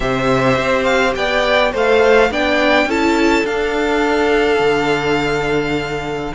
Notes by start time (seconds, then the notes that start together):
0.00 C3 G4 C5 E5
0.57 C4
0.84 F5
1.15 B3 D5 G5
1.72 A3 A4 C5 F5
2.30 B3 D4 D5 G5
2.85 C#4 E4 A4 A5
3.44 D4 F5
4.59 D3